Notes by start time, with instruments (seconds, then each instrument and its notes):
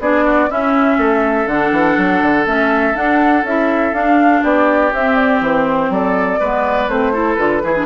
0.00 bassoon B3, clarinet D4, oboe G#4, flute D5
0.25 oboe F#4
0.50 clarinet C#4, bassoon C#4, oboe E4, flute E5
0.98 bassoon A3, oboe A4
1.47 bassoon D3, clarinet D4, flute F#5
1.72 bassoon E3
1.98 bassoon F#3
2.22 bassoon D3
2.46 bassoon A3, clarinet C#4, flute E5
2.94 clarinet D4, bassoon D4, flute F#5
3.44 bassoon C#4, clarinet E4, flute E5
3.93 bassoon D4, clarinet D4, flute F5
4.43 bassoon B3, oboe G4, flute D5
4.93 bassoon C4, clarinet C4, flute E5
5.16 flute D5
5.41 bassoon E3, flute C5
5.90 bassoon F#3, oboe A4, flute D5
6.40 bassoon G#3, clarinet B3, oboe B4
6.88 bassoon A3, clarinet C4, flute C5
7.14 clarinet E4, oboe A4
7.35 bassoon D3, clarinet F4, flute B4
7.63 bassoon E3, clarinet E4, oboe G#4
7.76 clarinet D4